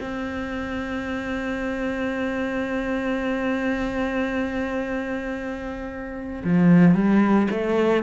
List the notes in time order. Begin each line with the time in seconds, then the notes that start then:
0.00 C4
6.44 F3
6.94 G3
7.51 A3